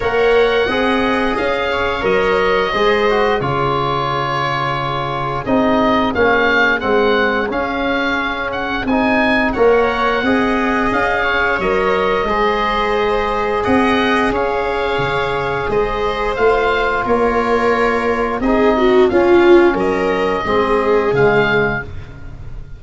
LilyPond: <<
  \new Staff \with { instrumentName = "oboe" } { \time 4/4 \tempo 4 = 88 fis''2 f''4 dis''4~ | dis''4 cis''2. | dis''4 f''4 fis''4 f''4~ | f''8 fis''8 gis''4 fis''2 |
f''4 dis''2. | fis''4 f''2 dis''4 | f''4 cis''2 dis''4 | f''4 dis''2 f''4 | }
  \new Staff \with { instrumentName = "viola" } { \time 4/4 cis''4 dis''4. cis''4. | c''4 gis'2.~ | gis'1~ | gis'2 cis''4 dis''4~ |
dis''8 cis''4. c''2 | dis''4 cis''2 c''4~ | c''4 ais'2 gis'8 fis'8 | f'4 ais'4 gis'2 | }
  \new Staff \with { instrumentName = "trombone" } { \time 4/4 ais'4 gis'2 ais'4 | gis'8 fis'8 f'2. | dis'4 cis'4 c'4 cis'4~ | cis'4 dis'4 ais'4 gis'4~ |
gis'4 ais'4 gis'2~ | gis'1 | f'2. dis'4 | cis'2 c'4 gis4 | }
  \new Staff \with { instrumentName = "tuba" } { \time 4/4 ais4 c'4 cis'4 fis4 | gis4 cis2. | c'4 ais4 gis4 cis'4~ | cis'4 c'4 ais4 c'4 |
cis'4 fis4 gis2 | c'4 cis'4 cis4 gis4 | a4 ais2 c'4 | cis'4 fis4 gis4 cis4 | }
>>